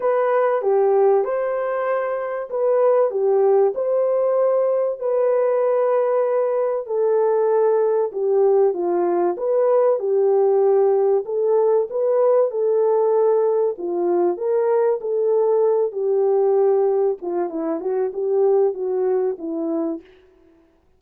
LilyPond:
\new Staff \with { instrumentName = "horn" } { \time 4/4 \tempo 4 = 96 b'4 g'4 c''2 | b'4 g'4 c''2 | b'2. a'4~ | a'4 g'4 f'4 b'4 |
g'2 a'4 b'4 | a'2 f'4 ais'4 | a'4. g'2 f'8 | e'8 fis'8 g'4 fis'4 e'4 | }